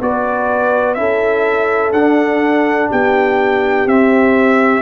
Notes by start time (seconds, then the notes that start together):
0.00 B3 F#4 B4 D5
0.94 C#4 E4 A4 E5
1.92 D4 F#5
2.90 B3 G4 G5
3.85 C4 E5